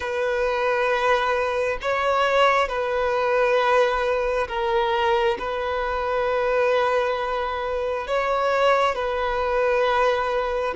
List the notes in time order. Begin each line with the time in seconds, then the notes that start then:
0.00 B4
1.82 C#5
2.68 B4
4.48 A#4
5.38 B4
8.07 C#5
8.95 B4